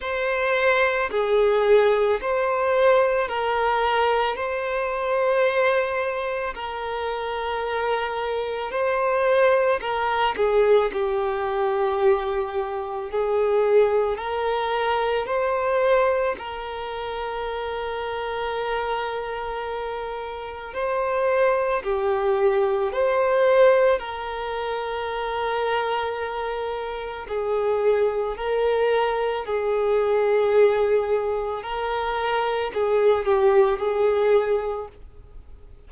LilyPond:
\new Staff \with { instrumentName = "violin" } { \time 4/4 \tempo 4 = 55 c''4 gis'4 c''4 ais'4 | c''2 ais'2 | c''4 ais'8 gis'8 g'2 | gis'4 ais'4 c''4 ais'4~ |
ais'2. c''4 | g'4 c''4 ais'2~ | ais'4 gis'4 ais'4 gis'4~ | gis'4 ais'4 gis'8 g'8 gis'4 | }